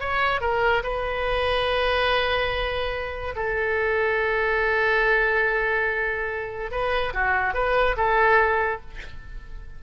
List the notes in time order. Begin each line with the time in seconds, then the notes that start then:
0.00 C#5
0.41 A#4
0.83 B4
3.35 A4
6.71 B4
7.13 F#4
7.54 B4
7.97 A4